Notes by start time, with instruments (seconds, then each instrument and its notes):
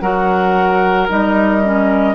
0.00 bassoon F#3, clarinet F#4, oboe A#4, flute F#5
1.08 bassoon G3, clarinet D#4, flute D#5
1.63 clarinet C#4